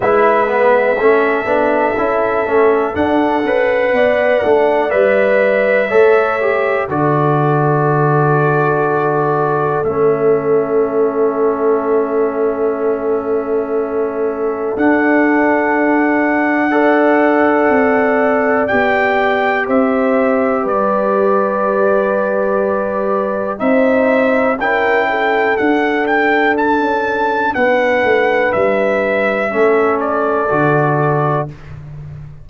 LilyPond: <<
  \new Staff \with { instrumentName = "trumpet" } { \time 4/4 \tempo 4 = 61 e''2. fis''4~ | fis''4 e''2 d''4~ | d''2 e''2~ | e''2. fis''4~ |
fis''2. g''4 | e''4 d''2. | e''4 g''4 fis''8 g''8 a''4 | fis''4 e''4. d''4. | }
  \new Staff \with { instrumentName = "horn" } { \time 4/4 b'4 a'2. | d''2 cis''4 a'4~ | a'1~ | a'1~ |
a'4 d''2. | c''4 b'2. | c''4 ais'8 a'2~ a'8 | b'2 a'2 | }
  \new Staff \with { instrumentName = "trombone" } { \time 4/4 e'8 b8 cis'8 d'8 e'8 cis'8 d'8 b'8~ | b'8 d'8 b'4 a'8 g'8 fis'4~ | fis'2 cis'2~ | cis'2. d'4~ |
d'4 a'2 g'4~ | g'1 | dis'4 e'4 d'2~ | d'2 cis'4 fis'4 | }
  \new Staff \with { instrumentName = "tuba" } { \time 4/4 gis4 a8 b8 cis'8 a8 d'8 cis'8 | b8 a8 g4 a4 d4~ | d2 a2~ | a2. d'4~ |
d'2 c'4 b4 | c'4 g2. | c'4 cis'4 d'4~ d'16 cis'8. | b8 a8 g4 a4 d4 | }
>>